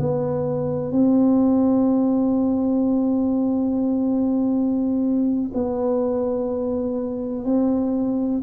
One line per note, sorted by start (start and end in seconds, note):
0.00 0.92 B3
0.92 5.52 C4
5.54 7.45 B3
7.45 8.41 C4